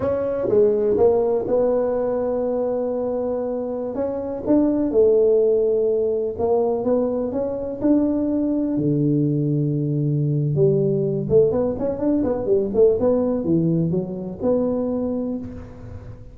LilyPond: \new Staff \with { instrumentName = "tuba" } { \time 4/4 \tempo 4 = 125 cis'4 gis4 ais4 b4~ | b1~ | b16 cis'4 d'4 a4.~ a16~ | a4~ a16 ais4 b4 cis'8.~ |
cis'16 d'2 d4.~ d16~ | d2 g4. a8 | b8 cis'8 d'8 b8 g8 a8 b4 | e4 fis4 b2 | }